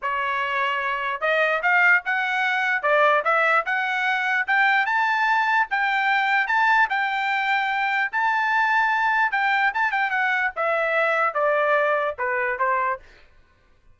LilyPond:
\new Staff \with { instrumentName = "trumpet" } { \time 4/4 \tempo 4 = 148 cis''2. dis''4 | f''4 fis''2 d''4 | e''4 fis''2 g''4 | a''2 g''2 |
a''4 g''2. | a''2. g''4 | a''8 g''8 fis''4 e''2 | d''2 b'4 c''4 | }